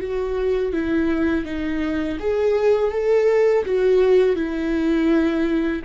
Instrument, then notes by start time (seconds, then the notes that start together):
viola
0.00 F#4
0.73 E4
1.45 D#4
2.20 G#4
2.91 A4
3.65 F#4
4.36 E4